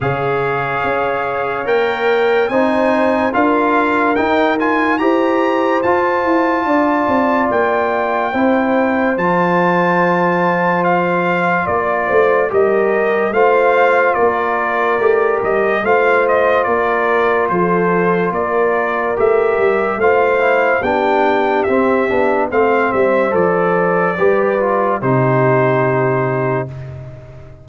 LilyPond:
<<
  \new Staff \with { instrumentName = "trumpet" } { \time 4/4 \tempo 4 = 72 f''2 g''4 gis''4 | f''4 g''8 gis''8 ais''4 a''4~ | a''4 g''2 a''4~ | a''4 f''4 d''4 dis''4 |
f''4 d''4. dis''8 f''8 dis''8 | d''4 c''4 d''4 e''4 | f''4 g''4 e''4 f''8 e''8 | d''2 c''2 | }
  \new Staff \with { instrumentName = "horn" } { \time 4/4 cis''2. c''4 | ais'2 c''2 | d''2 c''2~ | c''2 d''8 c''8 ais'4 |
c''4 ais'2 c''4 | ais'4 a'4 ais'2 | c''4 g'2 c''4~ | c''4 b'4 g'2 | }
  \new Staff \with { instrumentName = "trombone" } { \time 4/4 gis'2 ais'4 dis'4 | f'4 dis'8 f'8 g'4 f'4~ | f'2 e'4 f'4~ | f'2. g'4 |
f'2 g'4 f'4~ | f'2. g'4 | f'8 e'8 d'4 c'8 d'8 c'4 | a'4 g'8 f'8 dis'2 | }
  \new Staff \with { instrumentName = "tuba" } { \time 4/4 cis4 cis'4 ais4 c'4 | d'4 dis'4 e'4 f'8 e'8 | d'8 c'8 ais4 c'4 f4~ | f2 ais8 a8 g4 |
a4 ais4 a8 g8 a4 | ais4 f4 ais4 a8 g8 | a4 b4 c'8 b8 a8 g8 | f4 g4 c2 | }
>>